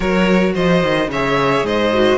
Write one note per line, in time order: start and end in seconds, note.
0.00 0.55 F#3
0.00 1.09 F#4
0.00 0.53 A#4
0.00 0.54 C#5
0.54 0.83 F3
0.54 1.09 C5
0.54 1.10 D#5
0.83 1.07 D#3
1.07 1.62 C#3
1.07 1.66 C#5
1.07 1.65 E5
1.13 1.93 G#4
1.63 2.18 G#2
1.63 2.18 C5
1.63 2.18 D#5
1.93 2.18 F#4